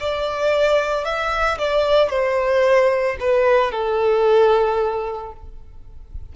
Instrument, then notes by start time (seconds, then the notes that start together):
violin
0.00 D5
1.04 E5
1.58 D5
2.09 C5
3.19 B4
3.72 A4